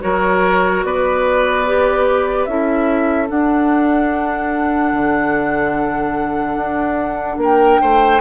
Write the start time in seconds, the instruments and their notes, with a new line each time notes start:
0.00 bassoon F#3, clarinet F#4, oboe A#4, flute C#5
0.84 bassoon B3, oboe B4, flute D5
1.66 clarinet G4
2.45 bassoon C#4, clarinet E4, oboe A4, flute E5
3.27 clarinet D4, bassoon D4, flute F#5
4.93 bassoon D3
6.57 bassoon D4
7.37 bassoon A#3, oboe A#4
7.43 flute G5
7.81 bassoon A3, oboe C5